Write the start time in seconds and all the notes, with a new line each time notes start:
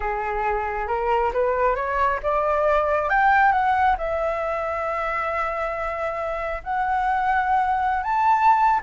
0.00 G#4
0.87 A#4
1.33 B4
1.75 C#5
2.22 D5
3.09 G5
3.52 F#5
3.97 E5
6.63 F#5
8.03 A5